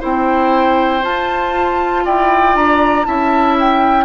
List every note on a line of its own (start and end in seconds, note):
0.00 1.04 C4
0.00 1.02 E4
0.00 2.04 C5
0.00 1.04 G5
1.02 3.05 F4
1.02 2.06 F4
1.02 2.06 A5
2.05 2.56 E4
2.05 3.07 D5
2.05 2.56 G5
2.56 3.07 D4
2.56 3.06 A#5
3.05 4.05 C#4
3.05 4.05 E4
3.05 4.05 E5
3.05 3.57 A5
3.60 4.05 G5